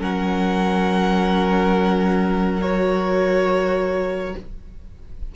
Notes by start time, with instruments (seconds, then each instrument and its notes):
0.00 cello F#3, viola C#4, violin A#4 F#5
2.62 viola F#4, violin C#5